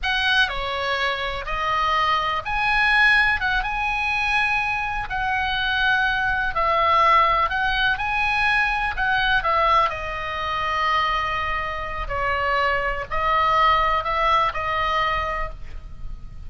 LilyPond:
\new Staff \with { instrumentName = "oboe" } { \time 4/4 \tempo 4 = 124 fis''4 cis''2 dis''4~ | dis''4 gis''2 fis''8 gis''8~ | gis''2~ gis''8 fis''4.~ | fis''4. e''2 fis''8~ |
fis''8 gis''2 fis''4 e''8~ | e''8 dis''2.~ dis''8~ | dis''4 cis''2 dis''4~ | dis''4 e''4 dis''2 | }